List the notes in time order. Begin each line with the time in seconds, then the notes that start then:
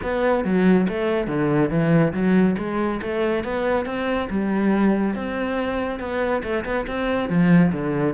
0.02 B3
0.44 F#3
0.88 A3
1.27 D3
1.70 E3
2.13 F#3
2.58 G#3
3.02 A3
3.43 B3
3.85 C4
4.30 G3
5.15 C4
5.99 B3
6.43 A3
6.64 B3
6.87 C4
7.29 F3
7.72 D3